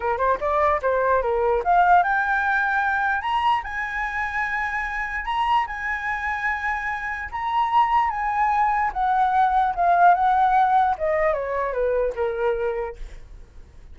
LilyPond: \new Staff \with { instrumentName = "flute" } { \time 4/4 \tempo 4 = 148 ais'8 c''8 d''4 c''4 ais'4 | f''4 g''2. | ais''4 gis''2.~ | gis''4 ais''4 gis''2~ |
gis''2 ais''2 | gis''2 fis''2 | f''4 fis''2 dis''4 | cis''4 b'4 ais'2 | }